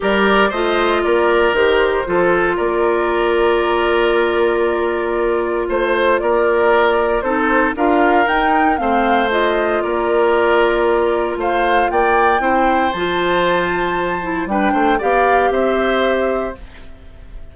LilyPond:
<<
  \new Staff \with { instrumentName = "flute" } { \time 4/4 \tempo 4 = 116 d''4 dis''4 d''4 c''4~ | c''4 d''2.~ | d''2. c''4 | d''2 c''4 f''4 |
g''4 f''4 dis''4 d''4~ | d''2 f''4 g''4~ | g''4 a''2. | g''4 f''4 e''2 | }
  \new Staff \with { instrumentName = "oboe" } { \time 4/4 ais'4 c''4 ais'2 | a'4 ais'2.~ | ais'2. c''4 | ais'2 a'4 ais'4~ |
ais'4 c''2 ais'4~ | ais'2 c''4 d''4 | c''1 | b'8 c''8 d''4 c''2 | }
  \new Staff \with { instrumentName = "clarinet" } { \time 4/4 g'4 f'2 g'4 | f'1~ | f'1~ | f'2 dis'4 f'4 |
dis'4 c'4 f'2~ | f'1 | e'4 f'2~ f'8 e'8 | d'4 g'2. | }
  \new Staff \with { instrumentName = "bassoon" } { \time 4/4 g4 a4 ais4 dis4 | f4 ais2.~ | ais2. a4 | ais2 c'4 d'4 |
dis'4 a2 ais4~ | ais2 a4 ais4 | c'4 f2. | g8 a8 b4 c'2 | }
>>